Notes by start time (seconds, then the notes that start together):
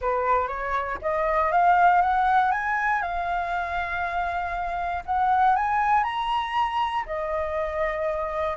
0.01 B4
0.47 C#5
1.01 D#5
1.51 F5
2.01 F#5
2.51 G#5
3.01 F5
5.05 F#5
5.56 G#5
6.03 A#5
7.06 D#5